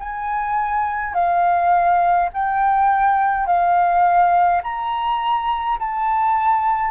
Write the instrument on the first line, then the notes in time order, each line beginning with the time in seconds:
flute
0.00 G#5
1.14 F5
2.33 G5
3.47 F5
4.63 A#5
5.80 A5